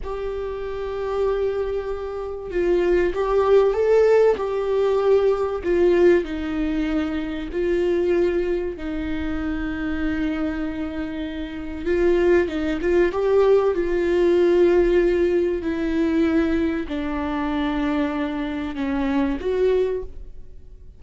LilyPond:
\new Staff \with { instrumentName = "viola" } { \time 4/4 \tempo 4 = 96 g'1 | f'4 g'4 a'4 g'4~ | g'4 f'4 dis'2 | f'2 dis'2~ |
dis'2. f'4 | dis'8 f'8 g'4 f'2~ | f'4 e'2 d'4~ | d'2 cis'4 fis'4 | }